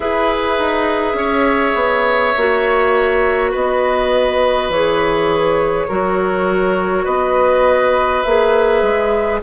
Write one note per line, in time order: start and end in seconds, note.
0.00 0.58 E4
0.00 2.35 G#4
0.00 1.17 B4
0.00 3.51 E5
0.58 1.13 D#4
1.13 1.72 C#4
1.13 3.51 C#5
1.75 2.33 B3
2.37 3.54 A#3
2.37 4.73 F#4
3.51 4.68 B3
3.51 5.86 B4
3.51 4.71 D#5
4.68 5.86 E3
4.68 5.88 G#4
4.68 7.05 C#5
5.88 7.06 F#3
5.88 8.24 F#4
5.88 7.04 A#4
7.04 8.24 B3
7.04 9.39 B4
7.04 8.22 D#5
8.22 8.82 A#3
8.22 9.42 G#4
8.22 9.39 E5
8.82 9.41 G#3